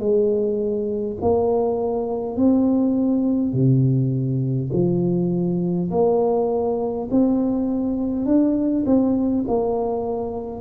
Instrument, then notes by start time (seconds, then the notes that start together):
tuba
0.00 G#3
1.22 A#3
2.37 C4
3.53 C3
4.73 F3
5.91 A#3
7.11 C4
8.26 D4
8.87 C4
9.48 A#3